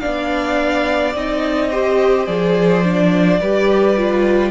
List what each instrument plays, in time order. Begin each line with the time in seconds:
0.00 cello B3, viola D4, violin D5 F5
1.15 cello C4, viola D#4, violin D#5
1.71 viola G4, violin C5
2.27 cello F3, viola G#4, violin D5
2.84 viola D4
3.41 cello G3, viola G4, violin B4
3.97 viola F4